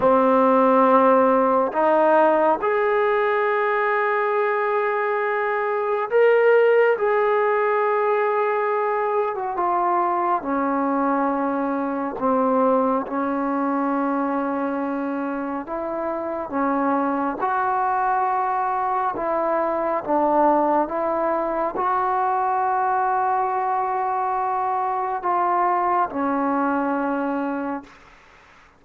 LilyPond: \new Staff \with { instrumentName = "trombone" } { \time 4/4 \tempo 4 = 69 c'2 dis'4 gis'4~ | gis'2. ais'4 | gis'2~ gis'8. fis'16 f'4 | cis'2 c'4 cis'4~ |
cis'2 e'4 cis'4 | fis'2 e'4 d'4 | e'4 fis'2.~ | fis'4 f'4 cis'2 | }